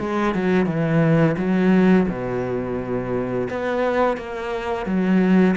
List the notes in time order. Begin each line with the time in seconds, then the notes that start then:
0.00 G#3
0.35 F#3
0.67 E3
1.38 F#3
2.09 B2
3.50 B3
4.17 A#3
4.86 F#3